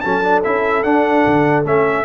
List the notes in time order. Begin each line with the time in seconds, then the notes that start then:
0.00 F#3 C#4 A4 A5
0.23 D4
0.43 C#4 E4 E5
0.83 D4 F#5
1.26 D3
1.64 A3 C#4 E5